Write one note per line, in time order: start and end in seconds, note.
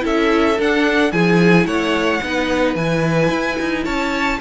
0.00 0.59 C#4
0.00 0.55 E4
0.00 1.12 A4
0.00 0.60 E5
0.59 1.12 D4
0.59 1.11 D4
0.59 1.11 F#5
1.11 1.65 F3
1.11 2.20 E4
1.11 1.67 G#4
1.11 1.66 G#5
1.65 2.20 A3
1.65 2.21 C#5
1.65 2.75 F#5
2.23 2.75 B3
2.23 2.77 D#4
2.23 3.84 B4
2.75 3.29 E3
2.75 4.41 E4
2.75 3.84 G#5
3.29 3.57 E4
3.60 3.86 D#4
3.84 4.40 C#4
3.84 4.39 C#5
3.84 4.39 A5